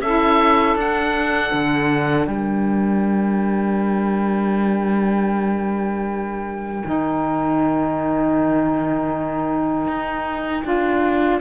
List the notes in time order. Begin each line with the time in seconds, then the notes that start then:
0.00 C#4 E4 A4 E5
0.76 D4 F#5
1.53 D3
2.27 G3 A#4 G5
6.84 D#3 D#4
9.88 D#4
10.64 D4 F4